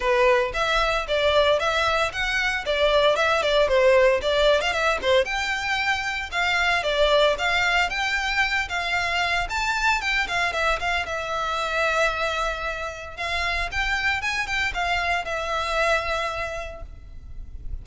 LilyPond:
\new Staff \with { instrumentName = "violin" } { \time 4/4 \tempo 4 = 114 b'4 e''4 d''4 e''4 | fis''4 d''4 e''8 d''8 c''4 | d''8. f''16 e''8 c''8 g''2 | f''4 d''4 f''4 g''4~ |
g''8 f''4. a''4 g''8 f''8 | e''8 f''8 e''2.~ | e''4 f''4 g''4 gis''8 g''8 | f''4 e''2. | }